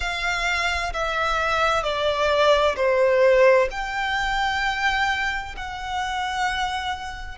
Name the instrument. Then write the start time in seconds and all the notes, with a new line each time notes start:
violin
0.00 F5
0.93 E5
1.83 D5
2.76 C5
3.70 G5
5.56 F#5